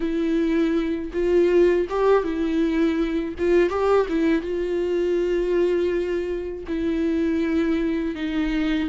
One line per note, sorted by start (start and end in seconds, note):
0.00 1.11 E4
1.13 1.87 F4
1.89 2.23 G4
2.23 3.34 E4
3.38 3.69 F4
3.69 4.06 G4
4.08 4.42 E4
4.42 6.64 F4
6.67 8.15 E4
8.15 8.89 D#4